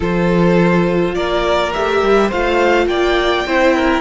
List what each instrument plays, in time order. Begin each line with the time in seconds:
0.00 cello F3, viola F4, violin A4 C5
1.14 cello A#3, violin A#4 D5
1.72 cello A3, viola G4, violin E5
2.02 cello G3
2.27 cello A3, viola F4, violin C5 F5
2.87 cello A#3, violin D5 G5
3.45 cello C4, viola E4, violin C5
3.75 violin A#4